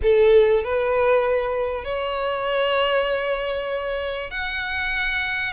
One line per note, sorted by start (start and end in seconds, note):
0.02 0.64 A4
0.64 1.84 B4
1.84 4.30 C#5
4.30 5.52 F#5